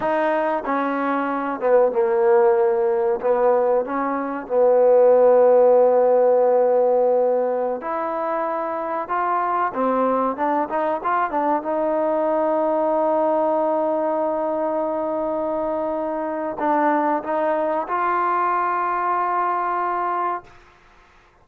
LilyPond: \new Staff \with { instrumentName = "trombone" } { \time 4/4 \tempo 4 = 94 dis'4 cis'4. b8 ais4~ | ais4 b4 cis'4 b4~ | b1~ | b16 e'2 f'4 c'8.~ |
c'16 d'8 dis'8 f'8 d'8 dis'4.~ dis'16~ | dis'1~ | dis'2 d'4 dis'4 | f'1 | }